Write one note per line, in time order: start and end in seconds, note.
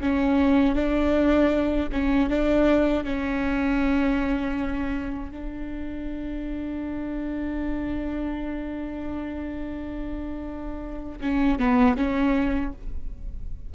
0.00 0.75 C#4
0.75 1.89 D4
1.92 2.29 C#4
2.29 3.04 D4
3.04 5.31 C#4
5.31 11.20 D4
11.21 11.59 C#4
11.59 11.97 B3
11.97 12.72 C#4